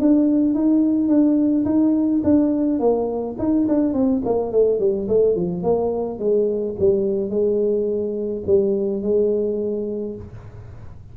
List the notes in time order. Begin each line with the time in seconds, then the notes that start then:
0.00 D4
0.55 D#4
1.09 D4
1.65 D#4
2.24 D4
2.80 A#3
3.39 D#4
3.68 D4
3.94 C4
4.25 A#3
4.52 A3
4.80 G3
5.09 A3
5.36 F3
5.63 A#3
6.20 G#3
6.80 G3
7.30 G#3
8.47 G3
9.03 G#3